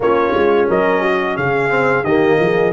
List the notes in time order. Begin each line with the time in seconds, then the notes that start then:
0.00 A#3 C#4 F4 C#5
0.33 G#3
0.68 F#3 A#4 D#5
1.02 F#4
1.36 C#3 G#4 F5
1.69 C4
2.03 D#3 A#3 G4 D#5
2.39 F3 G#4